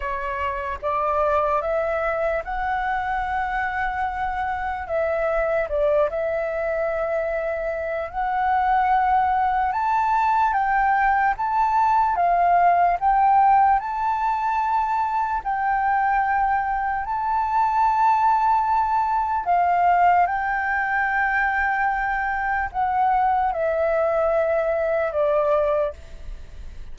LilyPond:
\new Staff \with { instrumentName = "flute" } { \time 4/4 \tempo 4 = 74 cis''4 d''4 e''4 fis''4~ | fis''2 e''4 d''8 e''8~ | e''2 fis''2 | a''4 g''4 a''4 f''4 |
g''4 a''2 g''4~ | g''4 a''2. | f''4 g''2. | fis''4 e''2 d''4 | }